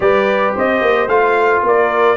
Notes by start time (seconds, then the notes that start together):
0.00 G3 G4 B4 D5
0.55 C4 C5 D#5
0.81 A#3
1.07 A3 F4 F5
1.62 A#3 A#4 D5